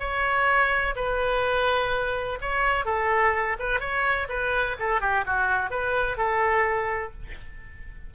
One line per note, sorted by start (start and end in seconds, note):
0.00 0.95 C#5
0.96 2.39 B4
2.42 2.86 C#5
2.86 3.57 A4
3.60 3.80 B4
3.80 4.28 C#5
4.29 4.77 B4
4.80 5.02 A4
5.02 5.25 G4
5.26 5.71 F#4
5.71 6.18 B4
6.18 7.13 A4